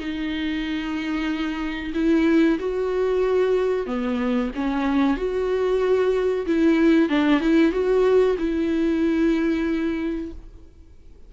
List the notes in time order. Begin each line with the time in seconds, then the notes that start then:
0.00 D#4
1.94 E4
2.60 F#4
3.87 B3
4.56 C#4
5.17 F#4
6.47 E4
7.10 D4
7.41 E4
7.72 F#4
8.39 E4